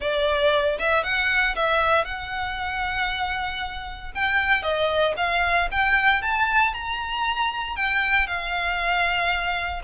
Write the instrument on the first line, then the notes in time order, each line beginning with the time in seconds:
violin
0.00 D5
0.79 E5
1.03 F#5
1.55 E5
2.05 F#5
4.14 G5
4.62 D#5
5.17 F5
5.71 G5
6.21 A5
6.73 A#5
7.75 G5
8.27 F5